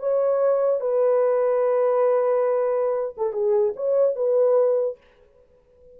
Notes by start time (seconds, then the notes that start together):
0.00 C#5
0.81 B4
3.17 A4
3.33 G#4
3.76 C#5
4.16 B4